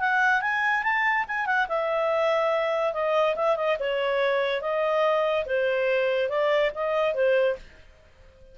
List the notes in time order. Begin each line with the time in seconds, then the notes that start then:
0.00 F#5
0.42 G#5
0.83 A5
1.28 G#5
1.46 F#5
1.69 E5
2.94 D#5
3.36 E5
3.56 D#5
3.80 C#5
4.62 D#5
5.46 C5
6.29 D5
6.75 D#5
7.14 C5